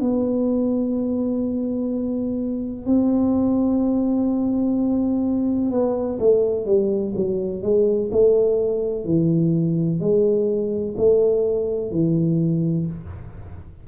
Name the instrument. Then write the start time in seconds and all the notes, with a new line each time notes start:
tuba
0.00 B3
2.85 C4
5.71 B3
6.19 A3
6.65 G3
7.15 F#3
7.62 G#3
8.11 A3
9.05 E3
10.00 G#3
10.97 A3
11.91 E3